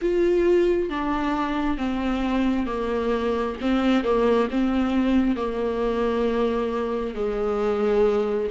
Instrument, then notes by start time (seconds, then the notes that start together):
viola
0.01 F4
0.90 D4
1.77 C4
2.66 A#3
3.60 C4
4.04 A#3
4.50 C4
5.35 A#3
7.14 G#3